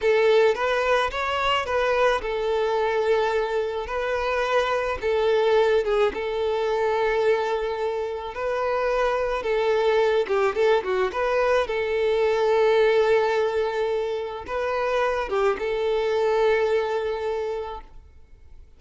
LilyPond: \new Staff \with { instrumentName = "violin" } { \time 4/4 \tempo 4 = 108 a'4 b'4 cis''4 b'4 | a'2. b'4~ | b'4 a'4. gis'8 a'4~ | a'2. b'4~ |
b'4 a'4. g'8 a'8 fis'8 | b'4 a'2.~ | a'2 b'4. g'8 | a'1 | }